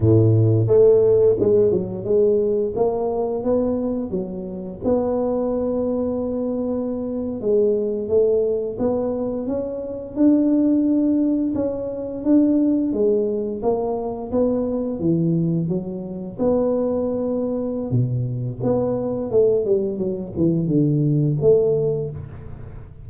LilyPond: \new Staff \with { instrumentName = "tuba" } { \time 4/4 \tempo 4 = 87 a,4 a4 gis8 fis8 gis4 | ais4 b4 fis4 b4~ | b2~ b8. gis4 a16~ | a8. b4 cis'4 d'4~ d'16~ |
d'8. cis'4 d'4 gis4 ais16~ | ais8. b4 e4 fis4 b16~ | b2 b,4 b4 | a8 g8 fis8 e8 d4 a4 | }